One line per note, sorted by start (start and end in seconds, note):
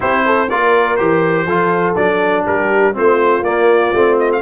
0.00 0.51 C4
0.00 0.47 E4
0.00 0.24 G4
0.00 0.49 C5
0.26 0.48 A4
0.48 1.00 A#3
0.48 0.98 F4
0.48 1.46 A#4
0.48 0.96 D5
0.96 1.46 E3
0.96 1.47 G4
0.96 1.94 C5
1.46 1.95 F3
1.46 1.95 F4
1.46 2.44 A4
1.95 2.46 F#3
1.95 2.93 D4
1.95 2.44 D5
2.45 2.96 G3
2.45 2.94 G4
2.45 2.96 A#4
2.93 3.41 A3
2.93 3.42 C4
2.93 4.41 F4
2.93 3.44 C5
3.41 3.90 A#3
3.41 3.94 A#3
3.41 4.18 D5
3.94 4.41 A3
3.94 4.41 C4
4.19 4.31 D#5
4.32 4.41 F5